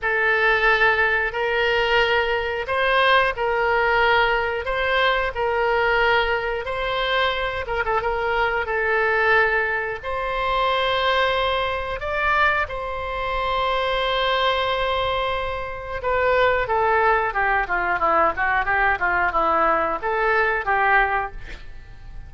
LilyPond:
\new Staff \with { instrumentName = "oboe" } { \time 4/4 \tempo 4 = 90 a'2 ais'2 | c''4 ais'2 c''4 | ais'2 c''4. ais'16 a'16 | ais'4 a'2 c''4~ |
c''2 d''4 c''4~ | c''1 | b'4 a'4 g'8 f'8 e'8 fis'8 | g'8 f'8 e'4 a'4 g'4 | }